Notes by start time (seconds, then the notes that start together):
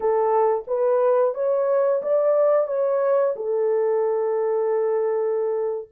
0.00 A4
0.67 B4
1.34 C#5
2.02 D5
2.67 C#5
3.36 A4